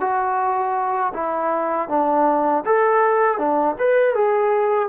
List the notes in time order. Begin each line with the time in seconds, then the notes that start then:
0.00 F#4
1.14 E4
1.89 D4
2.65 A4
3.38 D4
3.79 B4
4.15 G#4